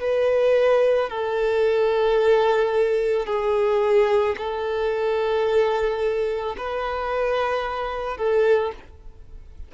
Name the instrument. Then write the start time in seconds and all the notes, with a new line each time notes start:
violin
0.00 B4
1.10 A4
3.26 G#4
4.37 A4
6.57 B4
8.17 A4